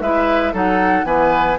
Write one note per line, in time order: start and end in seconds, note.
0.00 0.52 G#3
0.00 0.53 E4
0.00 0.53 B4
0.00 0.53 E5
0.53 1.04 F#3
0.53 1.05 D#4
0.53 1.05 A4
0.53 1.05 F#5
1.04 1.57 E3
1.04 1.57 B3
1.04 1.58 B4
1.04 1.57 G#5